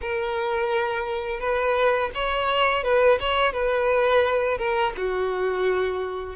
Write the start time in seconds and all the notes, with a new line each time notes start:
0.01 A#4
1.40 B4
2.14 C#5
2.83 B4
3.20 C#5
3.52 B4
4.58 A#4
4.96 F#4